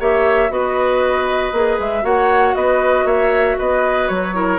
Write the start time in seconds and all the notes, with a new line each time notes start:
0.00 A#3 G4 C#5 E5
0.50 B3 F#4 B4 D#5
1.53 A#3 G#4
1.79 G#3 E5
2.02 A#3 F#4 C#5 F#5
2.55 B3 B4 D#5
3.05 A#3 C#5 E5
3.58 B3 B4 D#5
4.08 F#3 C#5
4.34 E4 A#4